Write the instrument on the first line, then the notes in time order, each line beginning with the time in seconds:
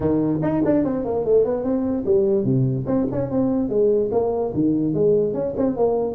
tuba
0.00 D#3
0.42 D#4
0.65 D4
0.84 C4
1.04 A#3
1.24 A3
1.44 B3
1.63 C4
2.05 G3
2.44 C3
2.86 C4
3.11 C#4
3.30 C4
3.69 G#3
4.11 A#3
4.54 D#3
4.93 G#3
5.33 C#4
5.56 C4
5.76 A#3